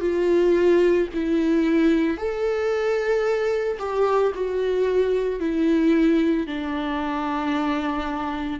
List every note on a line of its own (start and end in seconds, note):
0.00 1.07 F4
1.13 2.17 E4
2.17 3.77 A4
3.79 4.32 G4
4.34 5.40 F#4
5.40 6.47 E4
6.47 8.59 D4